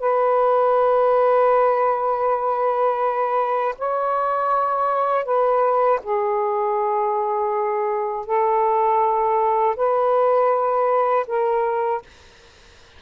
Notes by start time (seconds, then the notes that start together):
0.00 B4
3.78 C#5
5.25 B4
6.03 G#4
8.26 A4
9.76 B4
11.27 A#4